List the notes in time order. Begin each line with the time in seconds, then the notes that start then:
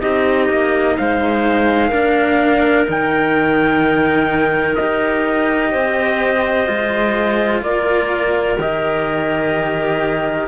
0.00 C4 D#4 G4 D#5
0.49 A#3
0.97 G#3 C5 F5
1.88 A#3 D4 A#4
2.86 D#3 D#4 G5
4.75 D#4 G4 D#5
5.71 C4 C5
6.66 G#3 F4
7.62 A#3 A#4 D5
8.58 D#3 G4 D#5